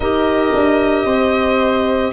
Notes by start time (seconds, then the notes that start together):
0.00 D#4 G4 A#4 D#5
0.54 D4
1.04 C4 C5